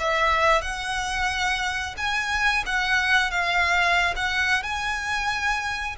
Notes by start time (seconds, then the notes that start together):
0.00 E5
0.62 F#5
1.98 G#5
2.67 F#5
3.31 F5
4.16 F#5
4.63 G#5